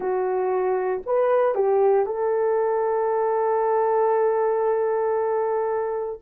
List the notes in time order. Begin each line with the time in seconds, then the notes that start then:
0.00 F#4
1.06 B4
1.54 G4
2.05 A4